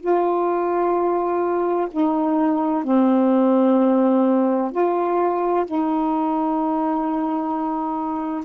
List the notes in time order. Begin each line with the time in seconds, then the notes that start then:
0.00 F4
1.91 D#4
2.84 C4
4.71 F4
5.65 D#4